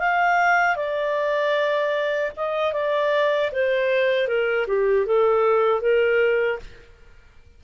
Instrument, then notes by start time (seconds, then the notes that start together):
clarinet
0.00 F5
0.76 D5
2.37 D#5
2.73 D5
3.52 C5
4.28 A#4
4.68 G4
5.06 A4
5.82 A#4